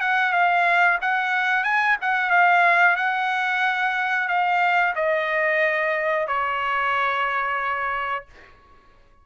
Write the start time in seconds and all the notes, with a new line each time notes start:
0.00 F#5
0.32 F5
1.01 F#5
1.63 G#5
2.01 F#5
2.30 F5
2.96 F#5
4.28 F5
4.95 D#5
6.27 C#5